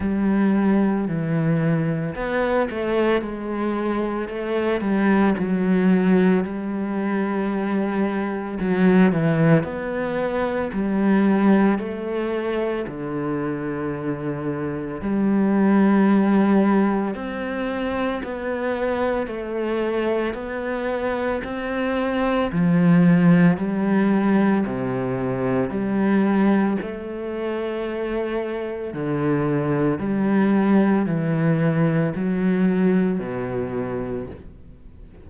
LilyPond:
\new Staff \with { instrumentName = "cello" } { \time 4/4 \tempo 4 = 56 g4 e4 b8 a8 gis4 | a8 g8 fis4 g2 | fis8 e8 b4 g4 a4 | d2 g2 |
c'4 b4 a4 b4 | c'4 f4 g4 c4 | g4 a2 d4 | g4 e4 fis4 b,4 | }